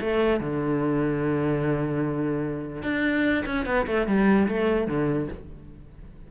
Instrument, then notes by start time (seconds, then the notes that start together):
cello
0.00 A3
0.40 D3
2.82 D4
3.45 C#4
3.65 B3
3.86 A3
4.06 G3
4.48 A3
4.87 D3